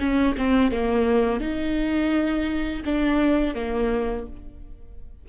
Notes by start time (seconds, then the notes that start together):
0.00 C#4
0.38 C4
0.72 A#3
1.41 D#4
2.85 D4
3.55 A#3